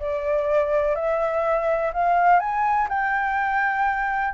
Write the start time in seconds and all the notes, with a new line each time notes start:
0.00 D5
0.96 E5
1.94 F5
2.40 G#5
2.89 G5